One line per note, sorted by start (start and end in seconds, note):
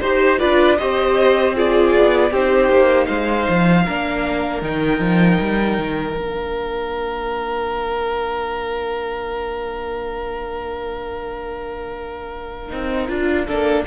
0.00 0.40 D#4
0.00 0.39 G4
0.00 0.38 C5
0.00 0.39 C5
0.39 0.81 D4
0.39 0.77 F4
0.39 0.78 B4
0.39 0.77 D5
0.77 1.97 C4
0.77 1.55 G4
0.77 1.55 C5
0.77 1.54 D#5
1.55 2.32 F4
1.55 2.31 G#4
1.55 2.33 D5
1.97 2.31 B3
2.31 2.69 C4
2.31 3.87 D#4
2.31 3.07 G4
2.31 3.06 C5
2.69 3.07 A#3
3.06 3.48 G#3
3.06 3.84 C5
3.06 4.60 F5
3.49 3.87 F3
3.85 4.62 A#3
3.85 4.62 D4
3.85 13.46 A#4
4.62 5.00 D#3
4.62 6.16 D#4
4.62 6.18 G5
5.00 5.38 F3
5.41 5.79 G3
5.79 6.17 D#3
6.16 12.71 A#3
6.16 12.70 D4
6.16 13.87 F5
12.70 13.09 C4
12.70 13.08 D#4
13.08 13.48 D4
13.08 13.46 F4
13.46 13.87 A#3
13.46 13.86 D4
13.46 13.85 A4